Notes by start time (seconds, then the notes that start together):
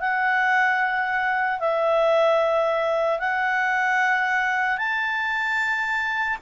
0.00 F#5
1.60 E5
3.19 F#5
4.78 A5